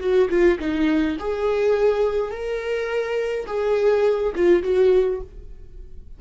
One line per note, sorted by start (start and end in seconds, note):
0.00 0.29 F#4
0.30 0.58 F4
0.60 1.17 D#4
1.19 2.31 G#4
2.31 3.46 A#4
3.47 4.33 G#4
4.35 4.63 F4
4.63 5.21 F#4